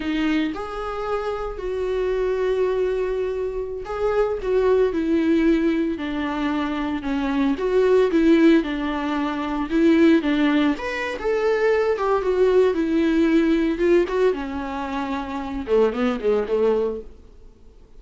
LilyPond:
\new Staff \with { instrumentName = "viola" } { \time 4/4 \tempo 4 = 113 dis'4 gis'2 fis'4~ | fis'2.~ fis'16 gis'8.~ | gis'16 fis'4 e'2 d'8.~ | d'4~ d'16 cis'4 fis'4 e'8.~ |
e'16 d'2 e'4 d'8.~ | d'16 b'8. a'4. g'8 fis'4 | e'2 f'8 fis'8 cis'4~ | cis'4. a8 b8 gis8 a4 | }